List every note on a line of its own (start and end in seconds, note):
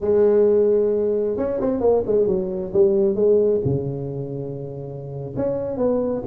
0.01 1.37 G#3
1.37 1.60 C#4
1.61 1.80 C4
1.80 2.03 A#3
2.06 2.26 G#3
2.26 2.72 F#3
2.73 3.15 G3
3.15 3.60 G#3
3.64 5.35 C#3
5.36 5.77 C#4
5.77 6.23 B3